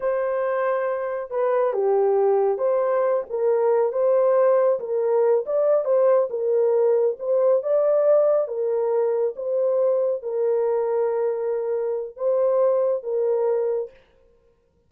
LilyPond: \new Staff \with { instrumentName = "horn" } { \time 4/4 \tempo 4 = 138 c''2. b'4 | g'2 c''4. ais'8~ | ais'4 c''2 ais'4~ | ais'8 d''4 c''4 ais'4.~ |
ais'8 c''4 d''2 ais'8~ | ais'4. c''2 ais'8~ | ais'1 | c''2 ais'2 | }